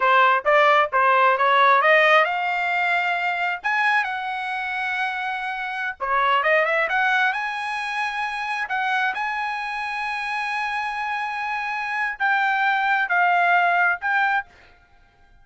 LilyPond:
\new Staff \with { instrumentName = "trumpet" } { \time 4/4 \tempo 4 = 133 c''4 d''4 c''4 cis''4 | dis''4 f''2. | gis''4 fis''2.~ | fis''4~ fis''16 cis''4 dis''8 e''8 fis''8.~ |
fis''16 gis''2. fis''8.~ | fis''16 gis''2.~ gis''8.~ | gis''2. g''4~ | g''4 f''2 g''4 | }